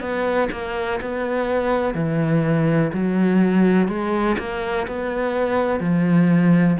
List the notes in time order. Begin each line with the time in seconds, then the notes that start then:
0.00 B3
0.51 A#3
1.01 B3
1.94 E3
2.93 F#3
3.88 G#3
4.38 A#3
4.87 B3
5.80 F3